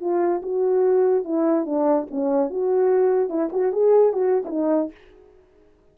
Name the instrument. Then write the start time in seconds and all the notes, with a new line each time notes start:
horn
0.00 F4
0.42 F#4
1.24 E4
1.65 D4
2.10 C#4
2.50 F#4
3.29 E4
3.52 F#4
3.72 G#4
4.12 F#4
4.44 D#4 E4